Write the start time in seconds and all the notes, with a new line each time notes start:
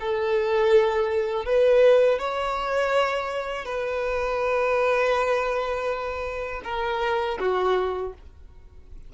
0.00 A4
1.45 B4
2.19 C#5
3.65 B4
6.64 A#4
7.39 F#4